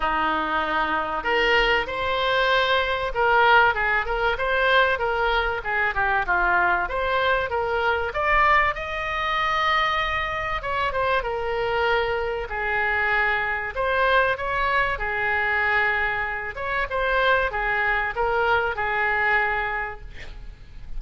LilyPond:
\new Staff \with { instrumentName = "oboe" } { \time 4/4 \tempo 4 = 96 dis'2 ais'4 c''4~ | c''4 ais'4 gis'8 ais'8 c''4 | ais'4 gis'8 g'8 f'4 c''4 | ais'4 d''4 dis''2~ |
dis''4 cis''8 c''8 ais'2 | gis'2 c''4 cis''4 | gis'2~ gis'8 cis''8 c''4 | gis'4 ais'4 gis'2 | }